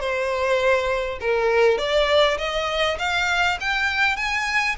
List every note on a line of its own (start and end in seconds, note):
0.00 1.19 C5
1.20 1.78 A#4
1.78 2.37 D5
2.38 2.98 D#5
2.99 3.58 F5
3.60 4.16 G5
4.16 4.76 G#5